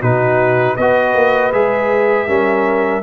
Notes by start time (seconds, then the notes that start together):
0.00 B2 D#4 F#4 B4
0.75 B3 F#4 B4 D#5
1.14 A#3
1.52 G#3 G#4 E5
2.27 G3 C#4 A#4